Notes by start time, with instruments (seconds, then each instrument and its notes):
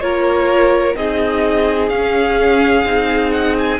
0.00 cello A#3, viola F4, violin A#4 C#5
0.95 cello C4, viola D#4, violin G#4 D#5
1.89 cello C#4, viola C#4, violin F5
2.85 cello C4, viola D#4
3.31 violin F#5
3.58 violin G#5